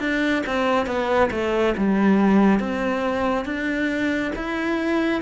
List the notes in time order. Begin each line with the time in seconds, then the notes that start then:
0.00 D4
0.47 C4
0.87 B3
1.31 A3
1.77 G3
2.60 C4
3.45 D4
4.36 E4